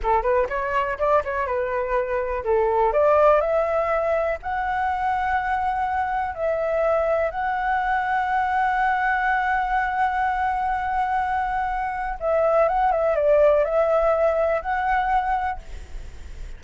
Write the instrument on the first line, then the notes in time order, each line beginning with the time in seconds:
flute
0.02 A4
0.22 B4
0.49 C#5
0.98 D5
1.24 C#5
1.46 B4
2.44 A4
2.92 D5
3.40 E5
4.42 F#5
6.34 E5
7.30 F#5
12.20 E5
12.68 F#5
12.91 E5
13.15 D5
13.64 E5
14.61 F#5